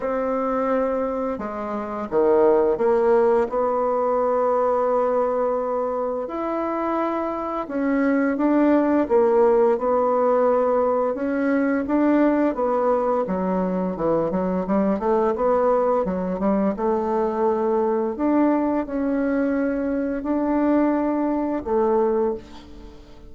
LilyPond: \new Staff \with { instrumentName = "bassoon" } { \time 4/4 \tempo 4 = 86 c'2 gis4 dis4 | ais4 b2.~ | b4 e'2 cis'4 | d'4 ais4 b2 |
cis'4 d'4 b4 fis4 | e8 fis8 g8 a8 b4 fis8 g8 | a2 d'4 cis'4~ | cis'4 d'2 a4 | }